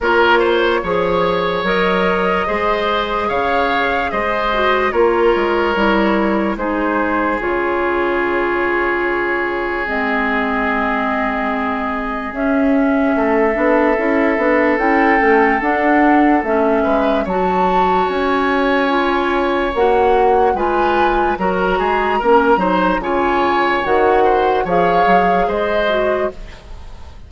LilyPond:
<<
  \new Staff \with { instrumentName = "flute" } { \time 4/4 \tempo 4 = 73 cis''2 dis''2 | f''4 dis''4 cis''2 | c''4 cis''2. | dis''2. e''4~ |
e''2 g''4 fis''4 | e''4 a''4 gis''2 | fis''4 gis''4 ais''2 | gis''4 fis''4 f''4 dis''4 | }
  \new Staff \with { instrumentName = "oboe" } { \time 4/4 ais'8 c''8 cis''2 c''4 | cis''4 c''4 ais'2 | gis'1~ | gis'1 |
a'1~ | a'8 b'8 cis''2.~ | cis''4 b'4 ais'8 gis'8 ais'8 c''8 | cis''4. c''8 cis''4 c''4 | }
  \new Staff \with { instrumentName = "clarinet" } { \time 4/4 f'4 gis'4 ais'4 gis'4~ | gis'4. fis'8 f'4 e'4 | dis'4 f'2. | c'2. cis'4~ |
cis'8 d'8 e'8 d'8 e'8 cis'8 d'4 | cis'4 fis'2 f'4 | fis'4 f'4 fis'4 cis'8 dis'8 | f'4 fis'4 gis'4. fis'8 | }
  \new Staff \with { instrumentName = "bassoon" } { \time 4/4 ais4 f4 fis4 gis4 | cis4 gis4 ais8 gis8 g4 | gis4 cis2. | gis2. cis'4 |
a8 b8 cis'8 b8 cis'8 a8 d'4 | a8 gis8 fis4 cis'2 | ais4 gis4 fis8 gis8 ais8 fis8 | cis4 dis4 f8 fis8 gis4 | }
>>